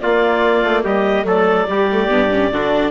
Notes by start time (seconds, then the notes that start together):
0.00 A#3 F4 D5
0.62 A3
0.84 G3 G4 D#5
1.24 F#3 A3 A4 D5
1.67 G3 G4
1.91 A3
2.08 G2 B3
2.31 C#4
2.52 D3 D4 F#4